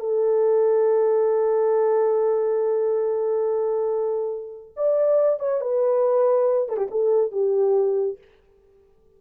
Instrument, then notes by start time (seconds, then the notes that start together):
horn
0.00 A4
4.77 D5
5.40 C#5
5.61 B4
6.69 A4
6.77 G4
6.91 A4
7.32 G4